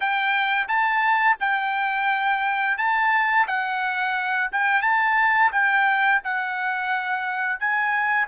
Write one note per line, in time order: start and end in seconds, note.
0.00 0.67 G5
0.67 1.36 A5
1.39 2.77 G5
2.77 3.46 A5
3.47 4.50 F#5
4.52 4.82 G5
4.82 5.51 A5
5.52 6.21 G5
6.24 7.59 F#5
7.59 8.27 G#5